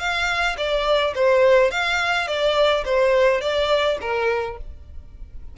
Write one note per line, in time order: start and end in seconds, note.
0.00 0.57 F5
0.57 1.14 D5
1.15 1.71 C5
1.71 2.28 F5
2.28 2.84 D5
2.85 3.41 C5
3.41 3.98 D5
4.01 4.58 A#4